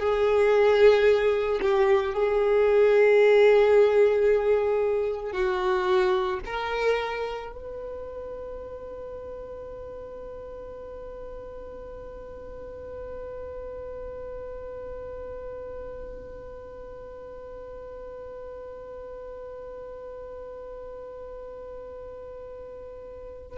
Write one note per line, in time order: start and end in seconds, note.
0.00 1.61 G#4
1.62 2.14 G4
2.14 5.33 G#4
5.33 6.40 F#4
6.46 7.52 A#4
7.52 23.58 B4